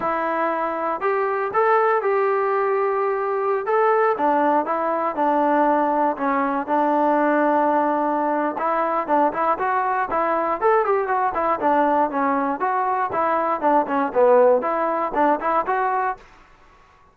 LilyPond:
\new Staff \with { instrumentName = "trombone" } { \time 4/4 \tempo 4 = 119 e'2 g'4 a'4 | g'2.~ g'16 a'8.~ | a'16 d'4 e'4 d'4.~ d'16~ | d'16 cis'4 d'2~ d'8.~ |
d'4 e'4 d'8 e'8 fis'4 | e'4 a'8 g'8 fis'8 e'8 d'4 | cis'4 fis'4 e'4 d'8 cis'8 | b4 e'4 d'8 e'8 fis'4 | }